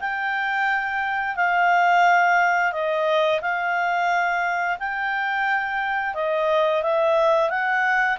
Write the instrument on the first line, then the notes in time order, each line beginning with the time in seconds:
clarinet
0.00 G5
1.36 F5
2.72 D#5
3.41 F5
4.79 G5
6.15 D#5
6.83 E5
7.50 F#5